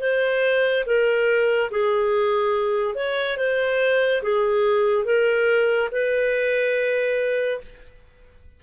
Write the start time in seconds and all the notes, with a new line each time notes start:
0.00 C5
0.86 A#4
1.71 G#4
2.95 C#5
3.37 C5
4.23 G#4
5.05 A#4
5.92 B4